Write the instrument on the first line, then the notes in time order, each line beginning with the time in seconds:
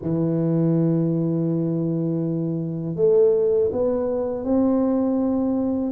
tuba
0.01 E3
2.95 A3
3.71 B3
4.44 C4